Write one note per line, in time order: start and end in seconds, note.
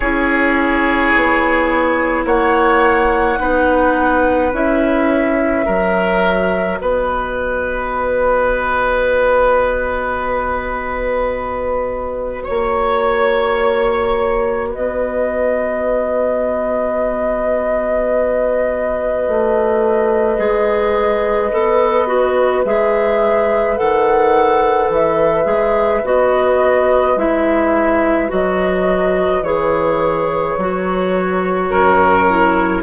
0.00 1.14 C#4
0.00 3.38 E4
0.00 2.25 G#4
0.00 2.24 C#5
1.15 2.25 B3
2.25 3.38 A#3
2.25 3.39 C#5
2.25 4.53 F#5
3.38 4.52 B3
3.38 4.51 D#4
3.38 5.65 B4
4.52 5.65 C#4
4.52 5.65 E4
4.52 6.78 E5
5.65 6.80 F#3
5.65 20.36 F#4
5.65 6.78 A#4
6.78 12.47 B3
6.78 12.43 B4
6.78 12.44 D#5
12.43 14.74 A#3
12.43 14.68 C#5
12.43 14.71 C#5
14.68 19.27 B3
14.68 31.67 B4
14.68 22.64 D#5
19.28 20.38 A3
20.37 21.51 G#3
20.37 21.50 G#4
21.51 22.64 B3
21.51 22.07 A4
22.07 22.63 F#4
22.64 23.78 G#3
22.64 23.76 G#4
22.64 23.77 E5
23.76 24.88 D#3
23.76 25.44 A4
23.76 24.90 F#5
24.88 25.45 E3
24.88 26.05 E5
25.44 26.01 G#3
25.44 26.00 G#4
26.04 27.16 B3
26.04 27.17 F#4
26.04 27.18 D#5
27.16 28.29 G#3
27.16 28.28 E4
27.16 28.31 E5
28.28 29.41 F#3
28.28 29.41 F#4
28.28 29.43 D#5
29.41 30.54 E3
29.41 30.58 G#4
29.41 32.82 C#5
30.58 31.70 F#3
30.58 32.28 F#4
31.70 32.82 F#2
31.70 32.82 A#4
32.28 32.82 E4